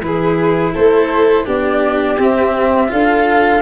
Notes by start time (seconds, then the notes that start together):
0.00 E3 E4 B4
0.06 G#4
0.74 A3 A4 C5
1.45 B3 D4 G4 D5
2.18 C4 E5
2.88 D4 F4 A4 F5